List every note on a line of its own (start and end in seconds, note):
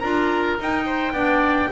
0.00 0.58 D4
0.00 0.59 F4
0.00 0.84 A#4
0.00 0.56 A#5
0.60 1.12 D#4
0.60 1.14 D#4
0.60 1.72 G5
0.86 1.13 C5
1.12 1.68 B3
1.12 1.70 D4
1.12 1.69 D5